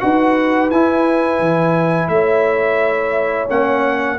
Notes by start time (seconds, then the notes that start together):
0.00 D#4 F#4 B4 F#5
0.70 E4 G#5
1.39 E3
2.08 A3 C#5 E5
3.48 A#3 C#4 F#5